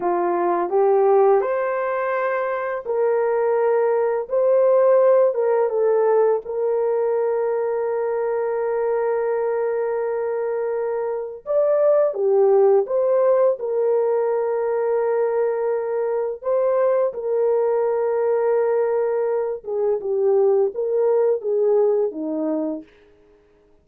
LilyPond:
\new Staff \with { instrumentName = "horn" } { \time 4/4 \tempo 4 = 84 f'4 g'4 c''2 | ais'2 c''4. ais'8 | a'4 ais'2.~ | ais'1 |
d''4 g'4 c''4 ais'4~ | ais'2. c''4 | ais'2.~ ais'8 gis'8 | g'4 ais'4 gis'4 dis'4 | }